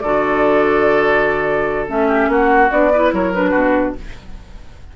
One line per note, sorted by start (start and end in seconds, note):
0.00 1.88 D3
0.00 1.87 F#4
0.00 2.08 A4
0.00 1.86 D5
1.87 2.27 A3
1.87 2.70 C#4
1.87 2.31 E5
2.08 2.28 G4
2.27 2.69 A#3
2.27 2.93 F#4
2.27 2.71 F#5
2.70 3.12 B3
2.70 2.90 D4
2.70 3.12 D5
2.93 3.34 E4
2.93 3.13 B4
3.12 3.53 F#3
3.12 3.50 A#4
3.12 3.33 C#5
3.33 3.96 D4
3.33 3.95 B4
3.50 3.95 B2
3.50 3.91 F#4